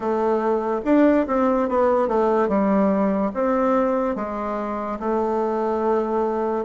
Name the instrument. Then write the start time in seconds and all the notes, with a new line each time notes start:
bassoon
0.00 A3
0.84 D4
1.27 C4
1.69 B3
2.08 A3
2.48 G3
3.34 C4
4.15 G#3
4.99 A3